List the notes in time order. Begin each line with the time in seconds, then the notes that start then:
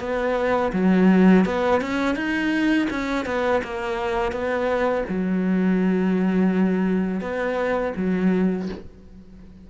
0.00 B3
0.73 F#3
1.45 B3
1.81 C#4
2.16 D#4
2.90 C#4
3.26 B3
3.63 A#3
4.32 B3
5.09 F#3
7.21 B3
7.96 F#3